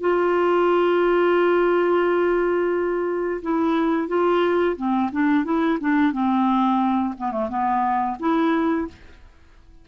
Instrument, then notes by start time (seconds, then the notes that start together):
clarinet
0.00 F4
3.42 E4
4.08 F4
4.76 C4
5.12 D4
5.44 E4
5.80 D4
6.12 C4
7.17 B3
7.31 A3
7.49 B3
8.19 E4